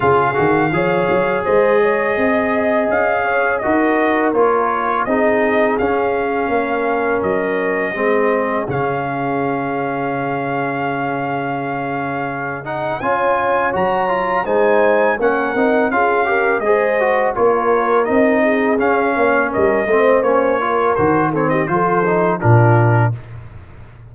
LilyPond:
<<
  \new Staff \with { instrumentName = "trumpet" } { \time 4/4 \tempo 4 = 83 f''2 dis''2 | f''4 dis''4 cis''4 dis''4 | f''2 dis''2 | f''1~ |
f''4. fis''8 gis''4 ais''4 | gis''4 fis''4 f''4 dis''4 | cis''4 dis''4 f''4 dis''4 | cis''4 c''8 cis''16 dis''16 c''4 ais'4 | }
  \new Staff \with { instrumentName = "horn" } { \time 4/4 gis'4 cis''4 c''8 cis''8 dis''4~ | dis''8 cis''8 ais'2 gis'4~ | gis'4 ais'2 gis'4~ | gis'1~ |
gis'2 cis''2 | c''4 ais'4 gis'8 ais'8 c''4 | ais'4. gis'4 cis''8 ais'8 c''8~ | c''8 ais'4 a'16 g'16 a'4 f'4 | }
  \new Staff \with { instrumentName = "trombone" } { \time 4/4 f'8 fis'8 gis'2.~ | gis'4 fis'4 f'4 dis'4 | cis'2. c'4 | cis'1~ |
cis'4. dis'8 f'4 fis'8 f'8 | dis'4 cis'8 dis'8 f'8 g'8 gis'8 fis'8 | f'4 dis'4 cis'4. c'8 | cis'8 f'8 fis'8 c'8 f'8 dis'8 d'4 | }
  \new Staff \with { instrumentName = "tuba" } { \time 4/4 cis8 dis8 f8 fis8 gis4 c'4 | cis'4 dis'4 ais4 c'4 | cis'4 ais4 fis4 gis4 | cis1~ |
cis2 cis'4 fis4 | gis4 ais8 c'8 cis'4 gis4 | ais4 c'4 cis'8 ais8 g8 a8 | ais4 dis4 f4 ais,4 | }
>>